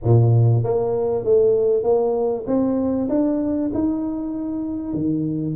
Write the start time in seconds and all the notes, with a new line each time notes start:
0.03 A#2
0.63 A#3
1.24 A3
1.83 A#3
2.46 C4
3.09 D4
3.74 D#4
4.93 D#3